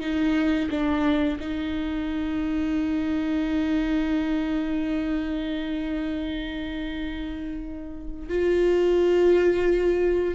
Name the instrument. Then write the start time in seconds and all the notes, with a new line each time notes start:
viola
0.00 D#4
0.70 D4
1.40 D#4
8.29 F4